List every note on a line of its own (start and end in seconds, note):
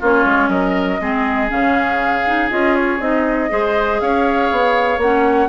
0.00 0.25 A#3
0.00 1.00 C#4
0.00 0.50 F4
0.00 0.49 C#5
0.25 0.49 G#3
0.49 0.99 F#3
0.49 1.01 A#4
0.49 1.49 D#5
1.00 1.51 G#3
1.00 1.49 C4
1.00 3.51 G#4
1.49 2.51 C#3
1.49 2.24 C#4
1.49 2.51 F5
2.26 2.50 D#4
2.50 3.00 C#4
2.50 3.00 F4
2.50 2.76 D#5
2.76 3.01 C#5
3.00 3.50 C4
3.00 3.50 D#4
3.00 4.00 D#5
3.50 4.01 G#3
3.50 5.00 G#4
3.50 4.02 C5
4.00 4.51 C#4
4.00 5.49 C#5
4.00 5.00 F5
4.51 4.98 B3
4.98 5.48 A#3
4.98 5.49 C#4
4.98 5.49 F#5